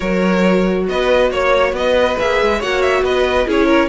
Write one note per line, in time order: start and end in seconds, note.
0.00 0.87 F#3
0.00 2.16 F#4
0.00 0.86 A#4
0.00 0.87 C#5
0.87 1.30 B3
0.87 1.30 B4
0.87 1.32 D#5
1.30 1.72 A#3
1.30 1.74 C#5
1.30 1.75 C#5
1.72 2.15 B3
1.72 2.58 B4
1.72 2.18 D#5
2.18 2.41 A#3
2.18 2.62 G#4
2.18 2.62 E5
2.41 2.62 G#3
2.58 3.02 A#3
2.58 3.46 F#4
2.58 3.01 C#5
2.58 2.82 F#5
2.82 3.03 E5
3.02 3.45 B3
3.02 3.47 B4
3.02 3.48 D#5
3.46 3.89 C#4
3.46 3.89 E4
3.46 3.66 G#4
3.46 3.89 C#5
3.66 3.87 A#4